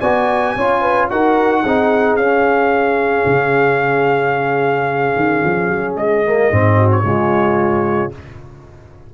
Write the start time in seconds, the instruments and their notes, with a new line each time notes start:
0.00 tuba B3, trombone F#4, horn D5, trumpet G#5
0.56 tuba C#4, trombone F4, horn C#5
0.81 horn B4
1.10 tuba D#4, trombone F#4, horn A#4, trumpet F#5
1.62 tuba C4, trombone D#4, horn G#4
2.16 tuba C#4, trombone C#4, trumpet F5
3.26 tuba C#3
5.16 tuba D#3
5.44 tuba F3
5.69 tuba F#3
5.96 tuba G#3, trumpet D#5
6.25 trombone A#3
6.51 tuba G#2, trombone C4
6.77 horn F#4
6.91 trumpet C#5
7.03 tuba C#3, trombone G#3, horn F4